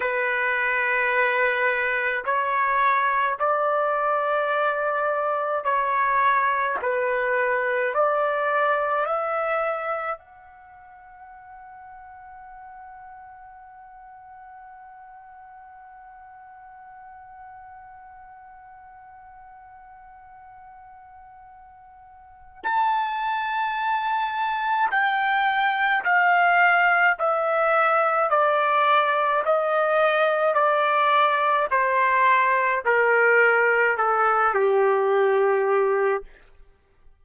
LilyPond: \new Staff \with { instrumentName = "trumpet" } { \time 4/4 \tempo 4 = 53 b'2 cis''4 d''4~ | d''4 cis''4 b'4 d''4 | e''4 fis''2.~ | fis''1~ |
fis''1 | a''2 g''4 f''4 | e''4 d''4 dis''4 d''4 | c''4 ais'4 a'8 g'4. | }